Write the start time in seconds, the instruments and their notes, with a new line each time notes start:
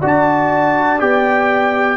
0.00 tuba D4, trombone F#4, horn D5
0.07 trumpet A5
0.99 tuba B3, trombone G4, trumpet G5